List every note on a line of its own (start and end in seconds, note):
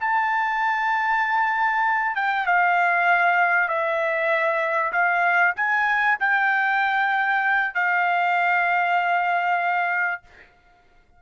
0.00 2.16 A5
2.16 2.47 G5
2.47 3.69 F5
3.69 4.92 E5
4.93 5.55 F5
5.56 6.18 G#5
6.20 7.75 G5
7.75 10.22 F5